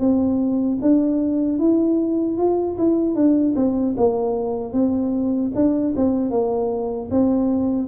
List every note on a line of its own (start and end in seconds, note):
0.00 0.79 C4
0.82 1.59 D4
1.59 2.38 E4
2.38 2.78 F4
2.78 3.15 E4
3.15 3.55 D4
3.56 3.96 C4
3.98 4.73 A#3
4.73 5.52 C4
5.56 5.95 D4
5.96 6.31 C4
6.31 7.10 A#3
7.11 7.88 C4